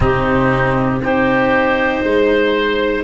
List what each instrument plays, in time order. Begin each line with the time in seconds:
0.00 tuba C3, cello C4, oboe D#4, clarinet G4
0.99 tuba C4, cello D#4, oboe G4, clarinet C5
2.03 tuba G#3, oboe C5